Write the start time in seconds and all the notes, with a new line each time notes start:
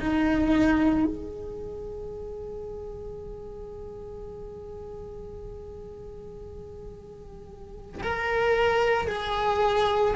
0.00 D#4
1.05 G#4
8.03 A#4
9.08 G#4